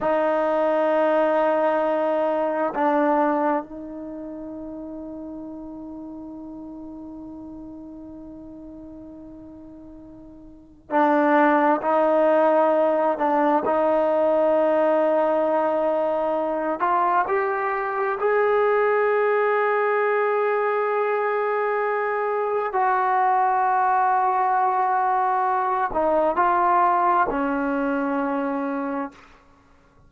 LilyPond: \new Staff \with { instrumentName = "trombone" } { \time 4/4 \tempo 4 = 66 dis'2. d'4 | dis'1~ | dis'1 | d'4 dis'4. d'8 dis'4~ |
dis'2~ dis'8 f'8 g'4 | gis'1~ | gis'4 fis'2.~ | fis'8 dis'8 f'4 cis'2 | }